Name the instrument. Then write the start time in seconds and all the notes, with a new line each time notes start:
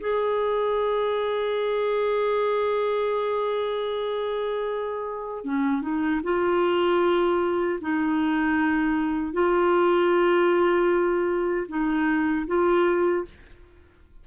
clarinet
0.00 G#4
5.44 C#4
5.82 D#4
6.23 F4
7.81 D#4
9.33 F4
11.68 D#4
12.47 F4